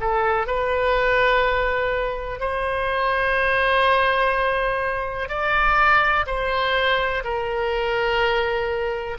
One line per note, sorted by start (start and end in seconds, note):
0.00 0.46 A4
0.46 2.40 B4
2.40 5.28 C5
5.28 6.25 D5
6.26 7.23 C5
7.24 9.17 A#4